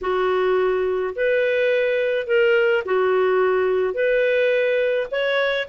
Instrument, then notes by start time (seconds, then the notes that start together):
clarinet
0.01 F#4
1.15 B4
2.26 A#4
2.85 F#4
3.94 B4
5.11 C#5